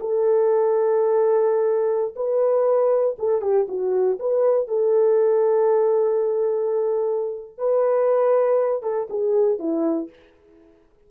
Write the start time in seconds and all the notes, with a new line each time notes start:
0.00 A4
2.16 B4
3.18 A4
3.41 G4
3.68 F#4
4.19 B4
4.68 A4
7.58 B4
8.82 A4
9.10 G#4
9.59 E4